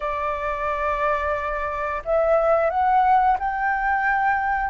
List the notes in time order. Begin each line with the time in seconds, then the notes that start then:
0.00 D5
2.04 E5
2.70 F#5
3.39 G5